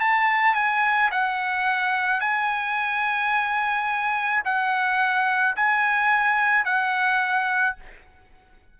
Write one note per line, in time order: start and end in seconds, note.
0.00 0.54 A5
0.54 1.10 G#5
1.11 2.20 F#5
2.20 4.43 G#5
4.44 5.56 F#5
5.56 6.65 G#5
6.65 7.76 F#5